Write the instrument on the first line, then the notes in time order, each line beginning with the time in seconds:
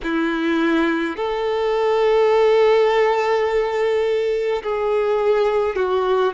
violin
0.03 E4
1.16 A4
4.63 G#4
5.75 F#4